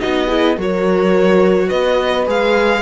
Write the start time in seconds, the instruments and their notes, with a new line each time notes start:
0.00 cello B3, viola D#4, horn F#4, violin D#5
0.27 viola E4, horn G#4
0.57 cello F#3, viola F#4, horn A#4, violin C#5
1.69 cello B3, horn B4, violin D#5
2.27 cello G#3, viola G#4, violin F5